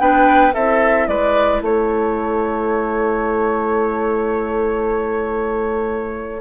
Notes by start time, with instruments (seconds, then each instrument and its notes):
0.00 bassoon B3, clarinet D4, oboe B4, flute G5
0.52 bassoon C4, clarinet E4, oboe A4, flute E5
1.07 bassoon G#3, oboe B4, flute D5
1.61 bassoon A3, oboe A4, flute C#5